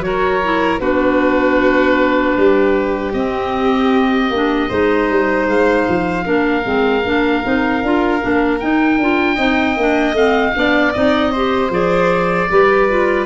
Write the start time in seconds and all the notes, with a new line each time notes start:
0.00 F#3 F#4 A#4 C#5
0.44 E4
0.80 B3 D4 F#4 B4
2.37 G3 G4
3.13 C4 D#5
4.31 A#3 D4
4.69 G#3 D#4 C5
5.10 G3
5.48 G#3 F5
5.89 F3
6.24 A#3 D4 A#4
6.64 G#3 C4
7.05 A#3 D4
7.44 C4 D#4
7.83 D4 F4
8.21 A#3 D4
8.60 D#4 G5
8.99 D4 F4
9.36 C4 D#4 D#5
9.77 A#3 D4
10.13 A3 C4 F5
10.55 B3 D4 D5
10.94 C4 D#4 D#5
11.32 G4 C5
11.70 F3 G#4 D5
12.51 G3 G4 B4
12.90 F4